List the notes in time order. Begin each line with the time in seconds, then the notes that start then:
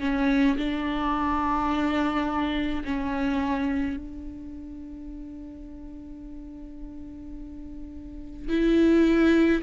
0.00 C#4
0.57 D4
2.84 C#4
3.97 D4
8.49 E4